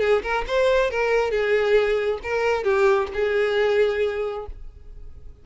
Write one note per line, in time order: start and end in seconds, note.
0.00 0.22 G#4
0.23 0.45 A#4
0.47 0.90 C5
0.90 1.31 A#4
1.31 2.19 G#4
2.23 2.64 A#4
2.64 3.08 G4
3.14 4.46 G#4